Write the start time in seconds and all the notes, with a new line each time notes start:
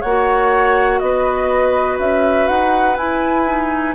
0.00 A#3 F#4 C#5 F#5
0.99 B3 B4 D#5
1.99 C#4 E5
2.47 D#4 F#5
2.97 E4 G#5
3.46 D#4